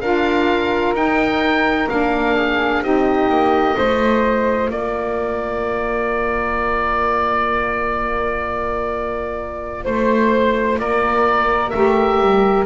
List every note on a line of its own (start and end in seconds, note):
0.00 0.94 D4
0.00 0.95 F4
0.00 2.35 A#4
0.00 0.94 F5
0.94 1.88 D#4
0.94 1.89 G5
1.89 2.82 A#3
1.89 2.84 D4
1.89 2.83 F5
2.35 2.82 G#4
2.82 3.29 C4
2.82 3.74 D#4
2.82 3.77 G4
2.82 4.70 D#5
3.29 3.75 A#3
3.74 4.69 A3
3.74 11.71 F4
3.74 4.71 C5
4.69 9.85 A#3
4.69 9.84 A#4
4.69 9.85 D5
9.84 10.79 A3
9.84 10.78 C5
10.79 11.73 A#3
10.79 12.66 A#4
10.79 11.70 D5
11.70 12.20 A3
11.70 12.66 G4
11.70 12.63 E5
12.20 12.66 G3